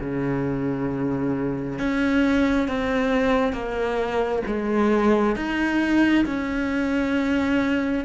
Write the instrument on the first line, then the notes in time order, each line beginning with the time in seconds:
cello
0.00 C#3
1.79 C#4
2.68 C4
3.53 A#3
4.47 G#3
5.36 D#4
6.26 C#4